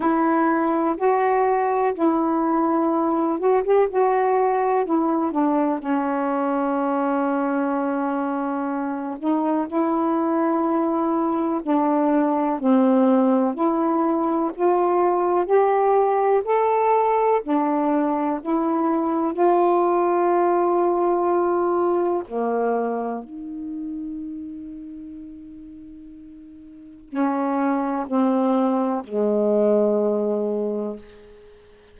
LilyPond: \new Staff \with { instrumentName = "saxophone" } { \time 4/4 \tempo 4 = 62 e'4 fis'4 e'4. fis'16 g'16 | fis'4 e'8 d'8 cis'2~ | cis'4. dis'8 e'2 | d'4 c'4 e'4 f'4 |
g'4 a'4 d'4 e'4 | f'2. ais4 | dis'1 | cis'4 c'4 gis2 | }